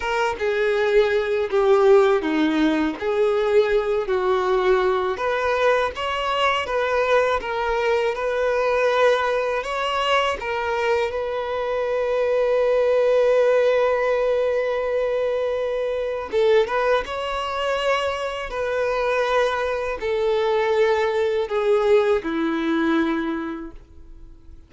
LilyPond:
\new Staff \with { instrumentName = "violin" } { \time 4/4 \tempo 4 = 81 ais'8 gis'4. g'4 dis'4 | gis'4. fis'4. b'4 | cis''4 b'4 ais'4 b'4~ | b'4 cis''4 ais'4 b'4~ |
b'1~ | b'2 a'8 b'8 cis''4~ | cis''4 b'2 a'4~ | a'4 gis'4 e'2 | }